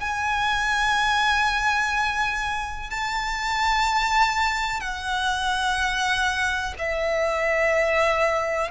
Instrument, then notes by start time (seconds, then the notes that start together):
violin
0.00 G#5
2.90 A5
4.80 F#5
6.78 E5